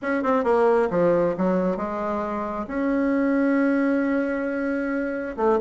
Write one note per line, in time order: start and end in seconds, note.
0.01 0.23 C#4
0.23 0.44 C4
0.44 0.88 A#3
0.90 1.35 F3
1.37 1.76 F#3
1.76 2.66 G#3
2.67 5.36 C#4
5.36 5.59 A3